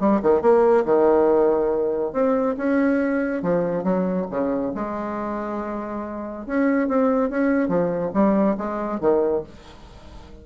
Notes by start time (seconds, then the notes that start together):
0.00 G3
0.22 D#3
0.42 A#3
0.86 D#3
2.13 C4
2.57 C#4
3.43 F3
3.84 F#3
4.31 C#3
4.75 G#3
6.47 C#4
6.88 C4
7.30 C#4
7.69 F3
8.14 G3
8.58 G#3
9.00 D#3